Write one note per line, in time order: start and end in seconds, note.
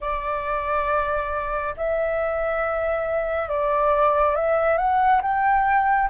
0.00 1.74 D5
1.76 3.48 E5
3.48 4.35 D5
4.35 4.77 E5
4.77 5.21 F#5
5.22 6.09 G5